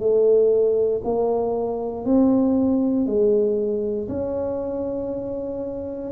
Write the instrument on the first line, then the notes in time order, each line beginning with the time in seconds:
tuba
0.00 A3
1.04 A#3
2.05 C4
3.06 G#3
4.09 C#4